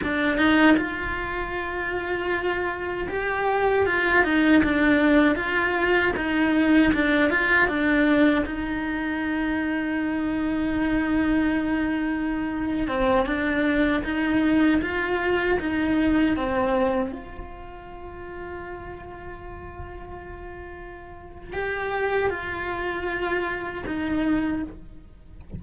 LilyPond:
\new Staff \with { instrumentName = "cello" } { \time 4/4 \tempo 4 = 78 d'8 dis'8 f'2. | g'4 f'8 dis'8 d'4 f'4 | dis'4 d'8 f'8 d'4 dis'4~ | dis'1~ |
dis'8. c'8 d'4 dis'4 f'8.~ | f'16 dis'4 c'4 f'4.~ f'16~ | f'1 | g'4 f'2 dis'4 | }